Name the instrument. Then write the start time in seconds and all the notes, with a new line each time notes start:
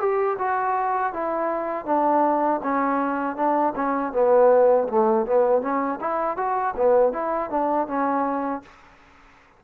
trombone
0.00 G4
0.39 F#4
1.13 E4
1.86 D4
2.63 C#4
3.36 D4
3.75 C#4
4.13 B3
4.89 A3
5.26 B3
5.62 C#4
6.01 E4
6.37 F#4
6.76 B3
7.13 E4
7.50 D4
7.88 C#4